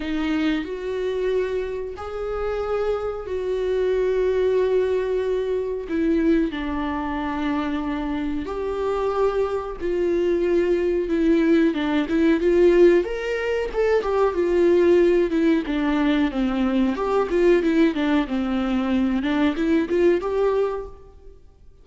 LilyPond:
\new Staff \with { instrumentName = "viola" } { \time 4/4 \tempo 4 = 92 dis'4 fis'2 gis'4~ | gis'4 fis'2.~ | fis'4 e'4 d'2~ | d'4 g'2 f'4~ |
f'4 e'4 d'8 e'8 f'4 | ais'4 a'8 g'8 f'4. e'8 | d'4 c'4 g'8 f'8 e'8 d'8 | c'4. d'8 e'8 f'8 g'4 | }